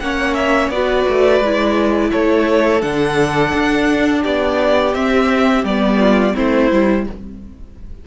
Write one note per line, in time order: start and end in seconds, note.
0.00 0.69 A#3
0.00 0.72 C#4
0.00 0.74 C#5
0.00 0.34 F#5
0.34 0.69 E5
0.69 1.04 B3
0.69 1.43 F#4
0.69 2.10 B4
0.69 2.11 D5
1.09 1.40 A3
1.40 2.11 G#3
1.40 2.81 E4
2.10 2.82 A3
2.10 4.21 A4
2.10 2.82 C#5
2.81 3.53 D3
2.81 4.93 D4
2.81 4.23 F#5
3.53 4.24 D4
4.21 4.95 B3
4.21 5.97 G4
4.21 4.94 D5
4.94 5.63 C4
4.94 5.65 C4
4.94 5.65 E5
5.63 6.34 G3
5.63 6.34 B3
5.63 6.36 D5
5.99 6.34 F4
6.34 6.71 A3
6.34 6.70 C4
6.34 7.05 E4
6.34 7.07 C5
6.71 7.07 G3
6.71 7.07 E4